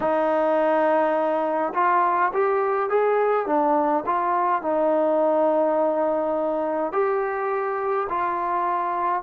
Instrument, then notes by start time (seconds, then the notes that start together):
trombone
0.00 D#4
1.74 F4
2.33 G4
2.89 G#4
3.46 D4
4.06 F4
4.62 D#4
6.92 G4
8.09 F4